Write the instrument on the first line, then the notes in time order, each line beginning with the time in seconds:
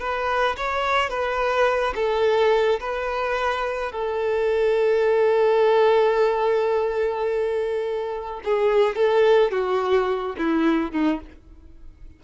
violin
0.00 B4
0.57 C#5
1.10 B4
1.95 A4
2.80 B4
3.92 A4
8.45 G#4
8.96 A4
9.51 F#4
10.38 E4
10.92 D#4